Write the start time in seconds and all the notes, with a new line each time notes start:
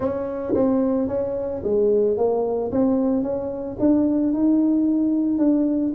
0.00 C#4
0.54 C4
1.07 C#4
1.63 G#3
2.17 A#3
2.71 C4
3.22 C#4
3.79 D4
4.33 D#4
5.38 D4